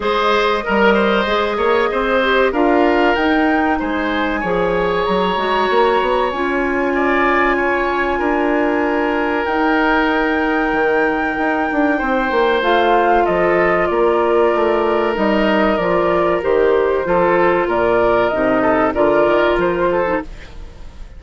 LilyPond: <<
  \new Staff \with { instrumentName = "flute" } { \time 4/4 \tempo 4 = 95 dis''1 | f''4 g''4 gis''2 | ais''2 gis''2~ | gis''2. g''4~ |
g''1 | f''4 dis''4 d''2 | dis''4 d''4 c''2 | d''4 dis''4 d''4 c''4 | }
  \new Staff \with { instrumentName = "oboe" } { \time 4/4 c''4 ais'8 c''4 cis''8 c''4 | ais'2 c''4 cis''4~ | cis''2. d''4 | cis''4 ais'2.~ |
ais'2. c''4~ | c''4 a'4 ais'2~ | ais'2. a'4 | ais'4. a'8 ais'4. a'8 | }
  \new Staff \with { instrumentName = "clarinet" } { \time 4/4 gis'4 ais'4 gis'4. g'8 | f'4 dis'2 gis'4~ | gis'8 fis'4. f'2~ | f'2. dis'4~ |
dis'1 | f'1 | dis'4 f'4 g'4 f'4~ | f'4 dis'4 f'4.~ f'16 dis'16 | }
  \new Staff \with { instrumentName = "bassoon" } { \time 4/4 gis4 g4 gis8 ais8 c'4 | d'4 dis'4 gis4 f4 | fis8 gis8 ais8 b8 cis'2~ | cis'4 d'2 dis'4~ |
dis'4 dis4 dis'8 d'8 c'8 ais8 | a4 f4 ais4 a4 | g4 f4 dis4 f4 | ais,4 c4 d8 dis8 f4 | }
>>